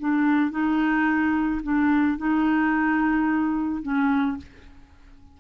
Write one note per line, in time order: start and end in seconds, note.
0.00 0.51 D4
0.51 1.61 D#4
1.63 2.18 D4
2.18 3.83 D#4
3.83 4.38 C#4